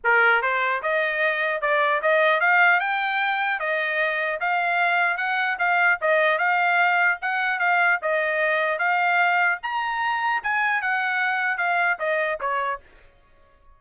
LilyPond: \new Staff \with { instrumentName = "trumpet" } { \time 4/4 \tempo 4 = 150 ais'4 c''4 dis''2 | d''4 dis''4 f''4 g''4~ | g''4 dis''2 f''4~ | f''4 fis''4 f''4 dis''4 |
f''2 fis''4 f''4 | dis''2 f''2 | ais''2 gis''4 fis''4~ | fis''4 f''4 dis''4 cis''4 | }